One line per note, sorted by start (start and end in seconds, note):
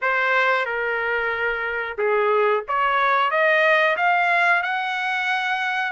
0.01 0.65 C5
0.65 1.97 A#4
1.98 2.63 G#4
2.68 3.30 C#5
3.30 3.96 D#5
3.97 4.62 F5
4.62 5.92 F#5